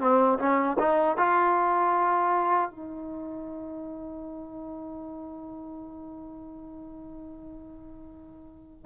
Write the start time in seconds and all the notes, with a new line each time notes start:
0.00 C4
0.39 C#4
0.79 D#4
1.17 F4
2.70 D#4